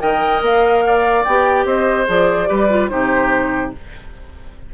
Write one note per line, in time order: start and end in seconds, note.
0.00 0.42 D#3
0.00 1.24 A#4
0.00 0.84 D#5
0.00 0.42 G5
0.42 1.24 A#3
0.42 1.25 F5
0.87 1.67 D5
1.25 1.65 B3
1.25 2.07 G4
1.25 1.66 G5
1.65 2.07 C4
1.65 2.49 C5
1.65 2.08 D#5
2.07 2.50 F3
2.07 2.47 G#4
2.07 2.89 D5
2.47 2.91 G3
2.47 2.68 G4
2.47 2.90 B4
2.70 2.90 F4
2.89 3.74 C3
2.89 3.73 D#4
2.89 3.75 G4
2.89 3.72 C5